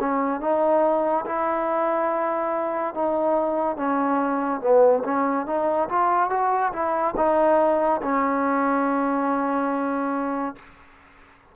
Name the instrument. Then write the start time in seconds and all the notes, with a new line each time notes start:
trombone
0.00 C#4
0.41 D#4
1.26 E4
2.95 D#4
3.77 C#4
4.61 B3
5.05 C#4
5.47 D#4
5.90 F4
6.30 F#4
6.73 E4
7.17 D#4
8.02 C#4